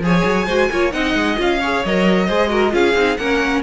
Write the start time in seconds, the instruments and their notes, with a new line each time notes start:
0.00 cello F3, viola G#4, violin C#5 G#5
0.25 cello F#3
0.47 cello G#3, viola F#4, violin C5
0.72 cello A#3, viola F4, violin C#5
0.92 cello C4, viola D#4, violin D#5 F#5
1.15 cello G#3
1.37 cello C#4, viola F4, violin F5
1.60 viola G#4, violin C#5
1.85 cello F#3, viola A#4, violin D#5
2.27 cello G#3, viola G#4, violin C5
2.49 viola F#4, violin A#4
2.71 cello C#4, viola F4, violin G#4 F5
2.95 cello C4, viola D#4
3.17 cello A#3, viola C#4, violin A#4 F#5